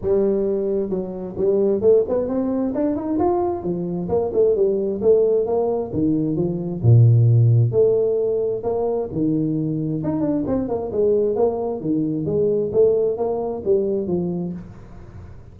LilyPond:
\new Staff \with { instrumentName = "tuba" } { \time 4/4 \tempo 4 = 132 g2 fis4 g4 | a8 b8 c'4 d'8 dis'8 f'4 | f4 ais8 a8 g4 a4 | ais4 dis4 f4 ais,4~ |
ais,4 a2 ais4 | dis2 dis'8 d'8 c'8 ais8 | gis4 ais4 dis4 gis4 | a4 ais4 g4 f4 | }